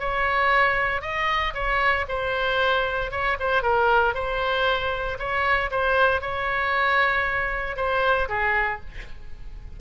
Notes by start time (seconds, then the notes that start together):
0.00 C#5
1.02 D#5
1.54 C#5
2.09 C5
3.12 C#5
3.40 C5
3.63 A#4
4.15 C5
5.19 C#5
5.71 C5
6.21 C#5
7.77 C5
8.29 G#4